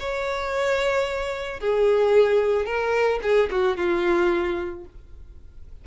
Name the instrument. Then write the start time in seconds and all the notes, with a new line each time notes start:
violin
0.00 C#5
1.60 G#4
2.66 A#4
3.23 G#4
3.51 F#4
3.77 F4